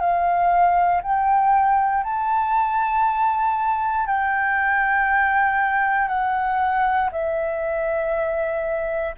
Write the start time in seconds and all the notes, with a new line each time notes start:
0.00 F5
1.03 G5
2.04 A5
4.07 G5
6.08 F#5
7.12 E5